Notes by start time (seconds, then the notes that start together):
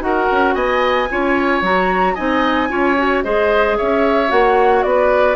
0.00 D#4 F#4 A#4 F#5
0.31 C#4
0.54 B3 D#5 G#5
1.11 C#4 F4 C#5
1.62 F#3 F#4 A#5
2.14 C4 D#4 D#5 G#5
2.69 C#4 F4 C#5
2.98 F#4
3.23 G#3 G#4 C5 D#5
3.77 C#4 C#5 E5
4.28 A#3 F#4 F#5
4.83 B3 B4 D5